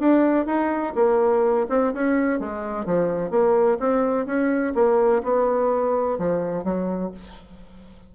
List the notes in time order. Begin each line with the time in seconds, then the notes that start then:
0.00 D4
0.46 D#4
0.95 A#3
1.70 C4
1.94 C#4
2.40 G#3
2.86 F3
3.31 A#3
3.80 C4
4.26 C#4
4.75 A#3
5.24 B3
6.19 F3
6.65 F#3